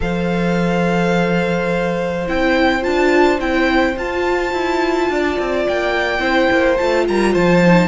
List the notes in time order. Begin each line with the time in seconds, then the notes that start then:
0.00 F3 A4 C5 F5
2.26 C4 E4 G5
2.82 D4 F4 A5
3.39 C4 E4 G5
3.96 F4 A5
4.53 E4
5.09 D4 D5
5.38 C4
5.67 A#3 G5
6.19 C4 E4 C5
6.51 A#3
6.77 A3 F4 A5
7.08 G3 A#4 A#5
7.33 F3 C5 A5
7.66 D#4